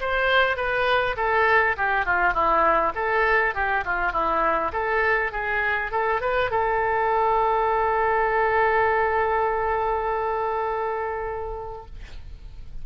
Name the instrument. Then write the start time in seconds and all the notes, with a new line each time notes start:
oboe
0.00 C5
0.56 B4
1.16 A4
1.77 G4
2.05 F4
2.33 E4
2.95 A4
3.54 G4
3.85 F4
4.12 E4
4.72 A4
5.31 G#4
5.91 A4
6.21 B4
6.50 A4